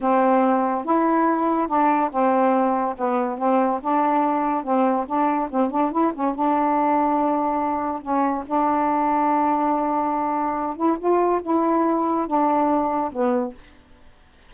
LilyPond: \new Staff \with { instrumentName = "saxophone" } { \time 4/4 \tempo 4 = 142 c'2 e'2 | d'4 c'2 b4 | c'4 d'2 c'4 | d'4 c'8 d'8 e'8 cis'8 d'4~ |
d'2. cis'4 | d'1~ | d'4. e'8 f'4 e'4~ | e'4 d'2 b4 | }